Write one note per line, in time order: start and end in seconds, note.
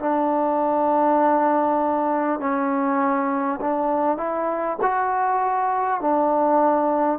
0.00 2.39 D4
2.39 3.59 C#4
3.61 4.17 D4
4.17 4.77 E4
4.82 6.01 F#4
6.01 7.19 D4